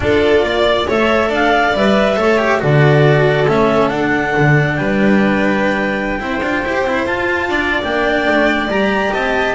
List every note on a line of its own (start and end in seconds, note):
0.00 0.43 D4
0.00 0.87 F4
0.00 0.44 A4
0.00 0.89 D5
0.43 0.86 A#3
0.43 0.87 D5
0.87 1.29 A3
0.87 1.75 A4
0.87 1.28 C#5
0.87 1.33 E5
1.28 1.73 D4
1.28 2.15 D5
1.28 1.76 F5
1.73 2.16 G3
1.73 2.16 B4
1.73 2.62 E5
2.16 2.60 A3
2.16 2.38 A4
2.16 2.60 C#5
2.38 2.59 G4
2.59 3.46 D3
2.59 3.46 F#4
2.59 4.77 A4
2.59 3.47 D5
3.46 3.90 A3
3.46 3.90 C#4
3.46 3.89 E5
3.89 4.33 D4
3.89 6.19 D4
3.89 4.75 F#5
4.36 4.78 D3
4.75 6.19 G3
4.75 6.19 B4
4.75 7.03 G5
6.19 6.40 C4
6.19 6.41 E4
6.19 7.49 C5
6.41 6.62 D4
6.41 6.64 F4
6.65 6.82 E4
6.65 6.86 G4
6.82 7.03 C4
6.82 7.06 E4
7.06 7.82 F4
7.06 7.48 F4
7.06 7.82 A5
7.48 7.81 D4
7.48 9.12 D5
7.82 8.27 A#3
7.82 8.69 D4
7.82 8.70 G5
8.27 8.67 A3
8.67 9.11 G3
8.67 9.55 G4
8.67 9.13 A#5
9.12 9.55 C4
9.12 9.55 D#5
9.12 9.55 A5